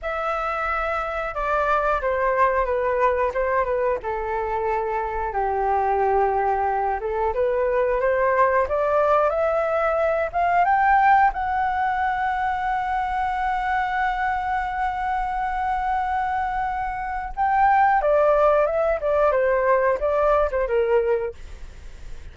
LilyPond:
\new Staff \with { instrumentName = "flute" } { \time 4/4 \tempo 4 = 90 e''2 d''4 c''4 | b'4 c''8 b'8 a'2 | g'2~ g'8 a'8 b'4 | c''4 d''4 e''4. f''8 |
g''4 fis''2.~ | fis''1~ | fis''2 g''4 d''4 | e''8 d''8 c''4 d''8. c''16 ais'4 | }